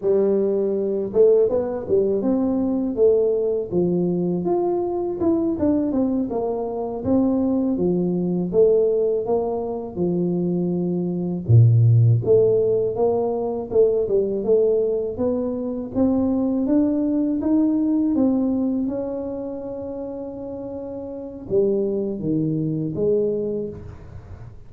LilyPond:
\new Staff \with { instrumentName = "tuba" } { \time 4/4 \tempo 4 = 81 g4. a8 b8 g8 c'4 | a4 f4 f'4 e'8 d'8 | c'8 ais4 c'4 f4 a8~ | a8 ais4 f2 ais,8~ |
ais,8 a4 ais4 a8 g8 a8~ | a8 b4 c'4 d'4 dis'8~ | dis'8 c'4 cis'2~ cis'8~ | cis'4 g4 dis4 gis4 | }